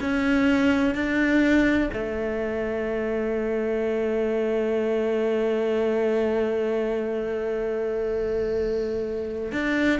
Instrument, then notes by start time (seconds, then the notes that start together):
cello
0.00 C#4
0.94 D4
1.93 A3
9.52 D4